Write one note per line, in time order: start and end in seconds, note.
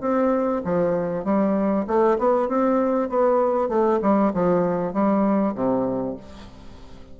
0.00 0.61 C4
0.64 1.24 F3
1.24 1.85 G3
1.87 2.17 A3
2.18 2.48 B3
2.48 3.09 C4
3.09 3.69 B3
3.69 3.99 A3
4.02 4.32 G3
4.33 4.93 F3
4.93 5.54 G3
5.55 6.16 C3